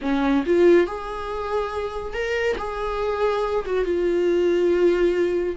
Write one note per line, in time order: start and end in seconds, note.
0.01 0.44 C#4
0.46 0.86 F4
0.86 2.13 G#4
2.13 2.56 A#4
2.58 3.65 G#4
3.65 3.84 F#4
3.84 5.56 F4